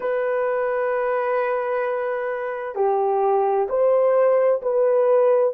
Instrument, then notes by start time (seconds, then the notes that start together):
horn
0.00 B4
2.75 G4
3.69 C5
4.62 B4